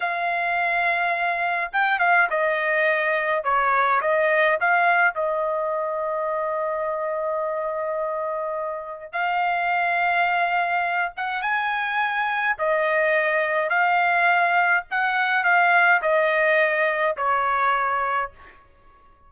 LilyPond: \new Staff \with { instrumentName = "trumpet" } { \time 4/4 \tempo 4 = 105 f''2. g''8 f''8 | dis''2 cis''4 dis''4 | f''4 dis''2.~ | dis''1 |
f''2.~ f''8 fis''8 | gis''2 dis''2 | f''2 fis''4 f''4 | dis''2 cis''2 | }